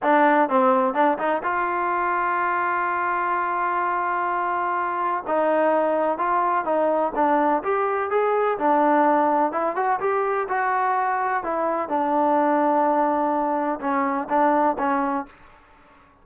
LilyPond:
\new Staff \with { instrumentName = "trombone" } { \time 4/4 \tempo 4 = 126 d'4 c'4 d'8 dis'8 f'4~ | f'1~ | f'2. dis'4~ | dis'4 f'4 dis'4 d'4 |
g'4 gis'4 d'2 | e'8 fis'8 g'4 fis'2 | e'4 d'2.~ | d'4 cis'4 d'4 cis'4 | }